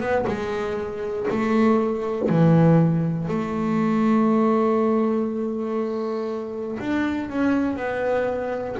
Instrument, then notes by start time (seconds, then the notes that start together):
double bass
0.00 B3
0.27 G#3
1.30 A3
2.29 E3
3.28 A3
6.80 D4
7.29 C#4
7.76 B3